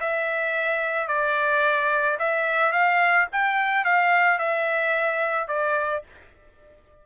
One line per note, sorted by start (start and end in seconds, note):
0.00 1.07 E5
1.07 2.17 D5
2.19 2.72 E5
2.72 3.27 F5
3.32 3.84 G5
3.84 4.38 F5
4.38 5.47 E5
5.47 6.03 D5